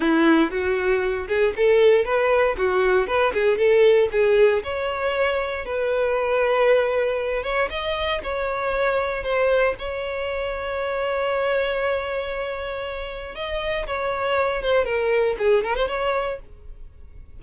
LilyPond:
\new Staff \with { instrumentName = "violin" } { \time 4/4 \tempo 4 = 117 e'4 fis'4. gis'8 a'4 | b'4 fis'4 b'8 gis'8 a'4 | gis'4 cis''2 b'4~ | b'2~ b'8 cis''8 dis''4 |
cis''2 c''4 cis''4~ | cis''1~ | cis''2 dis''4 cis''4~ | cis''8 c''8 ais'4 gis'8 ais'16 c''16 cis''4 | }